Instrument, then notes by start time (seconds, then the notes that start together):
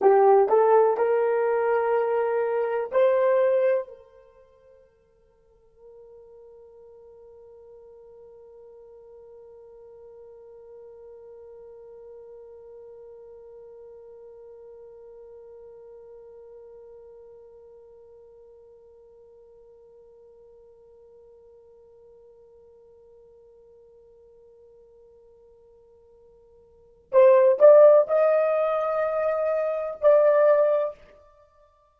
horn
0.00 G4
0.48 A4
0.97 A#4
2.91 C5
3.88 A#4
27.12 C5
27.59 D5
28.07 D#5
30.00 D5